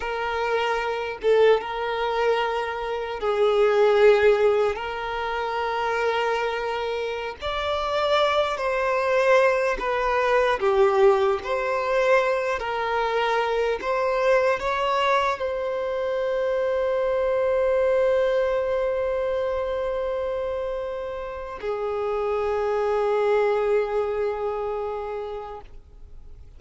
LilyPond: \new Staff \with { instrumentName = "violin" } { \time 4/4 \tempo 4 = 75 ais'4. a'8 ais'2 | gis'2 ais'2~ | ais'4~ ais'16 d''4. c''4~ c''16~ | c''16 b'4 g'4 c''4. ais'16~ |
ais'4~ ais'16 c''4 cis''4 c''8.~ | c''1~ | c''2. gis'4~ | gis'1 | }